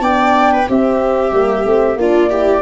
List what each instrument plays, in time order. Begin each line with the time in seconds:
0.00 tuba B3, horn D4, viola D5, flute G5
0.51 viola B4
0.68 tuba C4, horn C4, viola G4, flute E5
1.31 tuba G3, horn A#3
1.64 tuba A3, horn C4
1.96 tuba A#3, horn D4, viola F4, flute D5
2.29 horn E4, viola G4